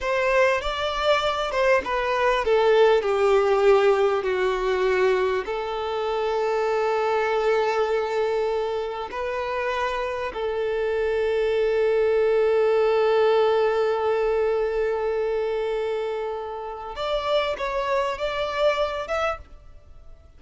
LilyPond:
\new Staff \with { instrumentName = "violin" } { \time 4/4 \tempo 4 = 99 c''4 d''4. c''8 b'4 | a'4 g'2 fis'4~ | fis'4 a'2.~ | a'2. b'4~ |
b'4 a'2.~ | a'1~ | a'1 | d''4 cis''4 d''4. e''8 | }